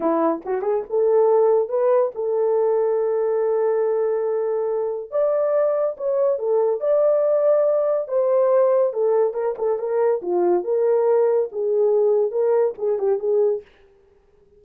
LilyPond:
\new Staff \with { instrumentName = "horn" } { \time 4/4 \tempo 4 = 141 e'4 fis'8 gis'8 a'2 | b'4 a'2.~ | a'1 | d''2 cis''4 a'4 |
d''2. c''4~ | c''4 a'4 ais'8 a'8 ais'4 | f'4 ais'2 gis'4~ | gis'4 ais'4 gis'8 g'8 gis'4 | }